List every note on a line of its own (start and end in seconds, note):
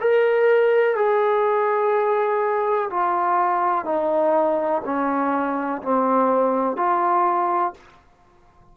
0.00 0.95 A#4
0.95 2.89 G#4
2.90 3.84 F4
3.84 4.81 D#4
4.85 5.82 C#4
5.82 6.77 C4
6.77 7.73 F4